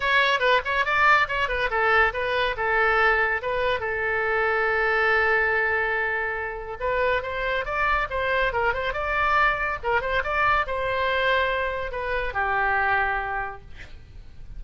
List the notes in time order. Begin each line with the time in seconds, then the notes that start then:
0.00 C#5
0.39 B4
0.64 C#5
0.85 D5
1.27 C#5
1.48 B4
1.70 A4
2.13 B4
2.56 A4
3.42 B4
3.79 A4
6.80 B4
7.22 C5
7.65 D5
8.10 C5
8.52 A#4
8.73 C5
8.93 D5
9.83 A#4
10.01 C5
10.23 D5
10.67 C5
11.91 B4
12.33 G4